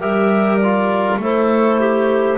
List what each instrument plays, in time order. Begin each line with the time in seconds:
0.00 double bass G3, trombone G4, clarinet A#4 E5
0.57 trombone F4, clarinet D5
1.17 double bass A3, trombone E4, clarinet A4 C5
1.80 clarinet G4